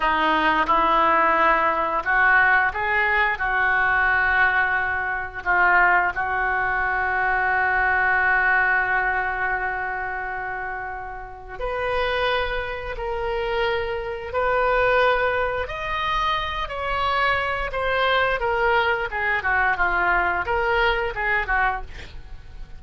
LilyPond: \new Staff \with { instrumentName = "oboe" } { \time 4/4 \tempo 4 = 88 dis'4 e'2 fis'4 | gis'4 fis'2. | f'4 fis'2.~ | fis'1~ |
fis'4 b'2 ais'4~ | ais'4 b'2 dis''4~ | dis''8 cis''4. c''4 ais'4 | gis'8 fis'8 f'4 ais'4 gis'8 fis'8 | }